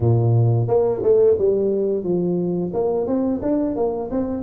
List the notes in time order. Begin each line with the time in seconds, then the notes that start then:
0.00 A#2
0.67 A#3
1.02 A3
1.38 G3
2.03 F3
2.73 A#3
3.06 C4
3.42 D4
3.75 A#3
4.10 C4